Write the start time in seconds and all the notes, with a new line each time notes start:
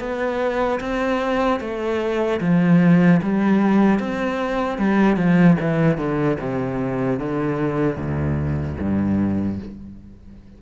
0.00 B3
0.80 C4
1.60 A3
2.41 F3
3.23 G3
4.00 C4
4.78 G3
5.17 F3
5.60 E3
5.97 D3
6.40 C3
7.20 D3
7.97 D2
8.80 G2